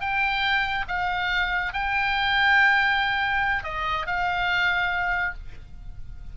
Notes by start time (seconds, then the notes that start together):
0.00 G5
0.88 F5
1.73 G5
3.64 D#5
4.06 F5